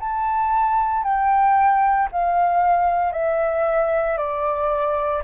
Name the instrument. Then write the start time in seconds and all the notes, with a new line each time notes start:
flute
0.00 A5
1.04 G5
2.12 F5
3.12 E5
4.18 D5